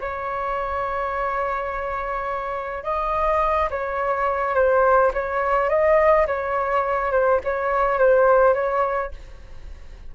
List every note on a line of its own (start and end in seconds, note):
0.00 2.83 C#5
2.83 3.69 D#5
3.70 4.54 C#5
4.54 5.11 C5
5.13 5.69 C#5
5.69 6.26 D#5
6.26 7.11 C#5
7.11 7.40 C5
7.44 7.98 C#5
7.98 8.54 C5
8.54 9.11 C#5